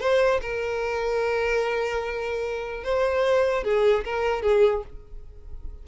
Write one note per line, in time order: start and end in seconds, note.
0.00 0.41 C5
0.41 2.84 A#4
2.84 3.64 C5
3.64 4.04 G#4
4.04 4.42 A#4
4.42 4.83 G#4